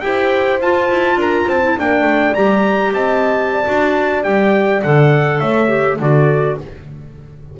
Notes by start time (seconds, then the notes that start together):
0.00 E4 G4 C5 G5
0.60 F4 A5
0.90 E4
1.16 D4 A#4 A#5
1.46 C4 C5 A5
1.63 E4
1.77 A#3 D4 D5 G5
2.02 A3
2.34 G3 G4 A#5
2.93 C4 D#5 A5
3.52 D5
3.65 D4 F#4
4.23 G3 G4 G5
4.83 D3 A4 F#5
5.39 A3 C#5 E5
5.68 G4
5.99 D3 F#4 A4 D5